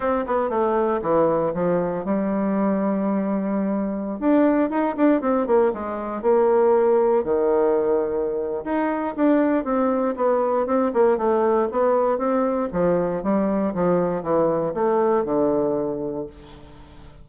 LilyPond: \new Staff \with { instrumentName = "bassoon" } { \time 4/4 \tempo 4 = 118 c'8 b8 a4 e4 f4 | g1~ | g16 d'4 dis'8 d'8 c'8 ais8 gis8.~ | gis16 ais2 dis4.~ dis16~ |
dis4 dis'4 d'4 c'4 | b4 c'8 ais8 a4 b4 | c'4 f4 g4 f4 | e4 a4 d2 | }